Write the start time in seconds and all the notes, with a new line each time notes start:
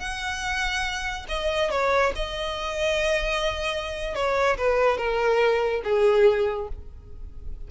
0.00 F#5
1.29 D#5
1.71 C#5
2.16 D#5
4.15 C#5
4.58 B4
4.98 A#4
5.84 G#4